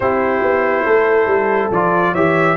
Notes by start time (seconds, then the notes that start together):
0.00 C4 E4 G4 C5
0.41 B3
0.85 A3 A4
1.26 G3
1.71 F3 F4 D5
2.12 E3 G4 C#5 E5